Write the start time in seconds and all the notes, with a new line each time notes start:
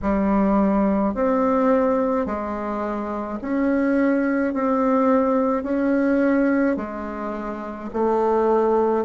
0.02 G3
1.14 C4
2.26 G#3
3.41 C#4
4.53 C4
5.63 C#4
6.76 G#3
7.93 A3